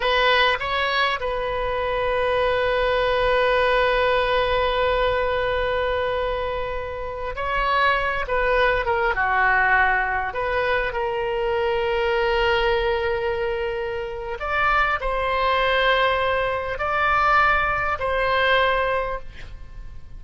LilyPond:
\new Staff \with { instrumentName = "oboe" } { \time 4/4 \tempo 4 = 100 b'4 cis''4 b'2~ | b'1~ | b'1~ | b'16 cis''4. b'4 ais'8 fis'8.~ |
fis'4~ fis'16 b'4 ais'4.~ ais'16~ | ais'1 | d''4 c''2. | d''2 c''2 | }